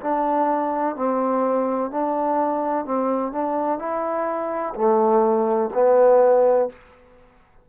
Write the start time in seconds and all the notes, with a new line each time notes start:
0.00 D4
0.95 C4
1.90 D4
2.85 C4
3.32 D4
3.79 E4
4.75 A3
5.74 B3